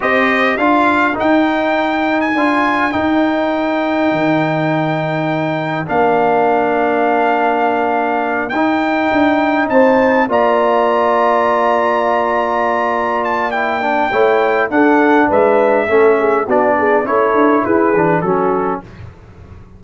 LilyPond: <<
  \new Staff \with { instrumentName = "trumpet" } { \time 4/4 \tempo 4 = 102 dis''4 f''4 g''4.~ g''16 gis''16~ | gis''4 g''2.~ | g''2 f''2~ | f''2~ f''8 g''4.~ |
g''8 a''4 ais''2~ ais''8~ | ais''2~ ais''8 a''8 g''4~ | g''4 fis''4 e''2 | d''4 cis''4 b'4 a'4 | }
  \new Staff \with { instrumentName = "horn" } { \time 4/4 c''4 ais'2.~ | ais'1~ | ais'1~ | ais'1~ |
ais'8 c''4 d''2~ d''8~ | d''1 | cis''4 a'4 b'4 a'8 gis'8 | fis'8 gis'8 a'4 gis'4 fis'4 | }
  \new Staff \with { instrumentName = "trombone" } { \time 4/4 g'4 f'4 dis'2 | f'4 dis'2.~ | dis'2 d'2~ | d'2~ d'8 dis'4.~ |
dis'4. f'2~ f'8~ | f'2. e'8 d'8 | e'4 d'2 cis'4 | d'4 e'4. d'8 cis'4 | }
  \new Staff \with { instrumentName = "tuba" } { \time 4/4 c'4 d'4 dis'2 | d'4 dis'2 dis4~ | dis2 ais2~ | ais2~ ais8 dis'4 d'8~ |
d'8 c'4 ais2~ ais8~ | ais1 | a4 d'4 gis4 a4 | b4 cis'8 d'8 e'8 e8 fis4 | }
>>